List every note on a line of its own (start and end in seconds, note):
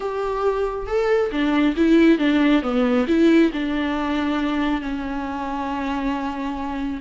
0.00 0.86 G4
0.86 1.30 A4
1.31 1.75 D4
1.76 2.18 E4
2.18 2.62 D4
2.62 3.06 B3
3.07 3.51 E4
3.52 4.81 D4
4.81 7.00 C#4